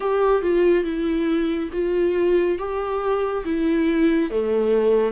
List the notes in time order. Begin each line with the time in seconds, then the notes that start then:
0.00 G4
0.41 F4
0.84 E4
1.72 F4
2.58 G4
3.44 E4
4.30 A3